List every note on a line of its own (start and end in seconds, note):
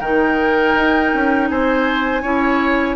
0.00 0.74 D#3
0.00 2.23 D#4
0.00 1.48 A#4
0.00 1.48 G5
0.75 1.12 D#4
1.14 1.50 C#4
1.49 2.23 C4
1.49 2.22 C5
1.49 2.96 G#5
2.22 2.96 C#4
2.22 2.96 E4
2.22 2.96 C#5